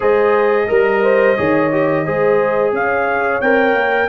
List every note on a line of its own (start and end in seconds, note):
0.00 0.69 G#3
0.00 0.68 G#4
0.00 0.67 C5
0.00 2.74 D#5
0.68 1.38 G3
0.68 1.36 A#4
0.68 1.02 A#4
1.02 1.36 C5
1.36 2.06 D#3
1.36 1.71 G#4
1.36 2.04 C#5
1.71 2.05 G4
2.05 2.72 G#3
2.05 3.42 G#4
2.05 2.73 C5
2.72 3.40 C#4
2.72 4.08 C#5
2.72 3.40 F5
3.40 3.74 C4
3.40 4.08 A#4
3.40 4.08 G5
3.74 4.08 A#3